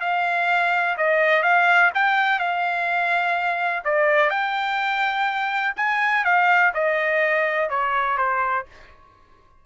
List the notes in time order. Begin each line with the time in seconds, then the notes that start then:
0.00 F5
0.97 D#5
1.42 F5
1.94 G5
2.39 F5
3.84 D5
4.30 G5
5.76 G#5
6.24 F5
6.74 D#5
7.69 C#5
8.17 C5